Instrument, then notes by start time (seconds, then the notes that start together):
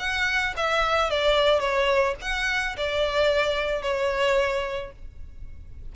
violin
0.00 F#5
0.57 E5
1.11 D5
1.60 C#5
2.22 F#5
2.77 D5
3.83 C#5